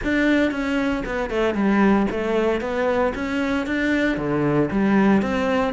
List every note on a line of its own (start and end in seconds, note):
0.03 0.51 D4
0.51 1.03 C#4
1.05 1.29 B3
1.29 1.54 A3
1.54 2.06 G3
2.10 2.60 A3
2.60 3.13 B3
3.14 3.66 C#4
3.66 4.17 D4
4.17 4.69 D3
4.71 5.22 G3
5.22 5.73 C4